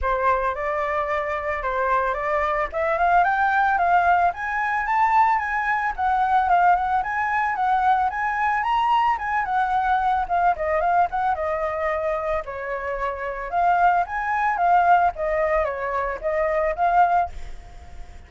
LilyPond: \new Staff \with { instrumentName = "flute" } { \time 4/4 \tempo 4 = 111 c''4 d''2 c''4 | d''4 e''8 f''8 g''4 f''4 | gis''4 a''4 gis''4 fis''4 | f''8 fis''8 gis''4 fis''4 gis''4 |
ais''4 gis''8 fis''4. f''8 dis''8 | f''8 fis''8 dis''2 cis''4~ | cis''4 f''4 gis''4 f''4 | dis''4 cis''4 dis''4 f''4 | }